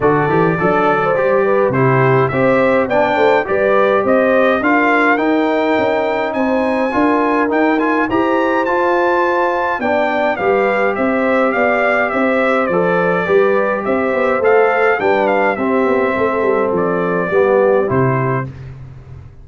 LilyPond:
<<
  \new Staff \with { instrumentName = "trumpet" } { \time 4/4 \tempo 4 = 104 d''2. c''4 | e''4 g''4 d''4 dis''4 | f''4 g''2 gis''4~ | gis''4 g''8 gis''8 ais''4 a''4~ |
a''4 g''4 f''4 e''4 | f''4 e''4 d''2 | e''4 f''4 g''8 f''8 e''4~ | e''4 d''2 c''4 | }
  \new Staff \with { instrumentName = "horn" } { \time 4/4 a'4 d'8. c''8. b'8 g'4 | c''4 d''8 c''8 b'4 c''4 | ais'2. c''4 | ais'2 c''2~ |
c''4 d''4 b'4 c''4 | d''4 c''2 b'4 | c''2 b'4 g'4 | a'2 g'2 | }
  \new Staff \with { instrumentName = "trombone" } { \time 4/4 fis'8 g'8 a'4 g'4 e'4 | g'4 d'4 g'2 | f'4 dis'2. | f'4 dis'8 f'8 g'4 f'4~ |
f'4 d'4 g'2~ | g'2 a'4 g'4~ | g'4 a'4 d'4 c'4~ | c'2 b4 e'4 | }
  \new Staff \with { instrumentName = "tuba" } { \time 4/4 d8 e8 fis4 g4 c4 | c'4 b8 a8 g4 c'4 | d'4 dis'4 cis'4 c'4 | d'4 dis'4 e'4 f'4~ |
f'4 b4 g4 c'4 | b4 c'4 f4 g4 | c'8 b8 a4 g4 c'8 b8 | a8 g8 f4 g4 c4 | }
>>